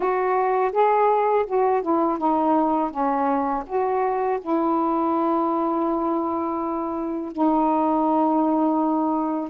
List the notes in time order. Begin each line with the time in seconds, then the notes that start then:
0.00 F#4
0.72 G#4
1.46 F#4
1.82 E4
2.18 D#4
2.90 C#4
3.66 F#4
4.40 E4
7.31 D#4